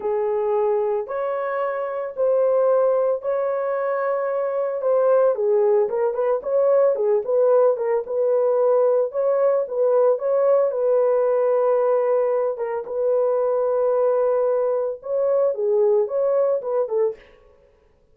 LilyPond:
\new Staff \with { instrumentName = "horn" } { \time 4/4 \tempo 4 = 112 gis'2 cis''2 | c''2 cis''2~ | cis''4 c''4 gis'4 ais'8 b'8 | cis''4 gis'8 b'4 ais'8 b'4~ |
b'4 cis''4 b'4 cis''4 | b'2.~ b'8 ais'8 | b'1 | cis''4 gis'4 cis''4 b'8 a'8 | }